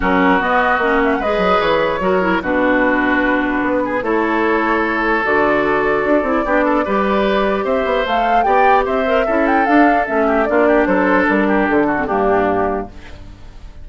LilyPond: <<
  \new Staff \with { instrumentName = "flute" } { \time 4/4 \tempo 4 = 149 ais'4 dis''4. e''16 fis''16 dis''4 | cis''2 b'2~ | b'2 cis''2~ | cis''4 d''2.~ |
d''2. e''4 | f''4 g''4 e''4. g''8 | f''4 e''4 d''4 c''4 | ais'4 a'4 g'2 | }
  \new Staff \with { instrumentName = "oboe" } { \time 4/4 fis'2. b'4~ | b'4 ais'4 fis'2~ | fis'4. gis'8 a'2~ | a'1 |
g'8 a'8 b'2 c''4~ | c''4 d''4 c''4 a'4~ | a'4. g'8 f'8 g'8 a'4~ | a'8 g'4 fis'8 d'2 | }
  \new Staff \with { instrumentName = "clarinet" } { \time 4/4 cis'4 b4 cis'4 gis'4~ | gis'4 fis'8 e'8 d'2~ | d'2 e'2~ | e'4 fis'2~ fis'8 e'8 |
d'4 g'2. | a'4 g'4. ais'8 e'4 | d'4 cis'4 d'2~ | d'4.~ d'16 c'16 ais2 | }
  \new Staff \with { instrumentName = "bassoon" } { \time 4/4 fis4 b4 ais4 gis8 fis8 | e4 fis4 b,2~ | b,4 b4 a2~ | a4 d2 d'8 c'8 |
b4 g2 c'8 b8 | a4 b4 c'4 cis'4 | d'4 a4 ais4 fis4 | g4 d4 g,2 | }
>>